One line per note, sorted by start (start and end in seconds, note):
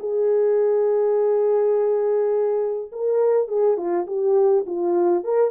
0.00 2.91 G#4
2.92 3.48 A#4
3.48 3.77 G#4
3.77 4.06 F4
4.07 4.65 G4
4.67 5.24 F4
5.24 5.51 A#4